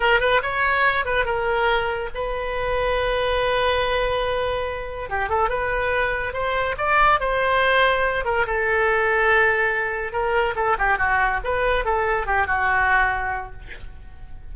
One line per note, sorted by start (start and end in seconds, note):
0.00 0.20 A#4
0.20 0.41 B4
0.42 1.05 C#5
1.05 1.25 B4
1.25 2.09 A#4
2.14 5.09 B4
5.09 5.29 G4
5.29 5.49 A4
5.49 6.33 B4
6.33 6.75 C5
6.77 7.19 D5
7.19 8.24 C5
8.24 8.45 A#4
8.46 10.12 A4
10.12 10.54 A#4
10.55 10.76 A4
10.78 10.97 G4
10.97 11.40 F#4
11.44 11.85 B4
11.85 12.26 A4
12.26 12.46 G4
12.46 13.52 F#4